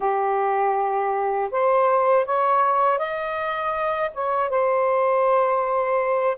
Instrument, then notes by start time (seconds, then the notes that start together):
saxophone
0.00 G4
1.51 C5
2.25 C#5
2.98 D#5
4.14 C#5
4.49 C5